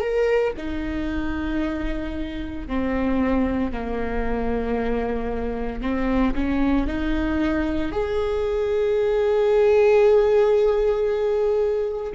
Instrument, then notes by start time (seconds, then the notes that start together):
viola
0.00 A#4
0.57 D#4
2.67 C4
3.72 A#3
5.81 C4
6.34 C#4
6.87 D#4
7.92 G#4